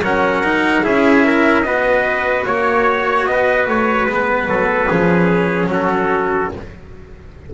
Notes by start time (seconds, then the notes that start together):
0.00 F#3 C#4 A#4 F#5
0.43 D#4
0.83 C#4 E4 G#4 E5
1.24 A#4
1.63 B3 F#4 B4 D#5
2.45 A#3 C#5
3.26 B3 B4 D#5
3.67 A3 C#5
4.05 G#3 B3 B4
4.47 F#3 A4
4.89 F3 C#4 G#4
5.66 F#3 F#4
5.72 A4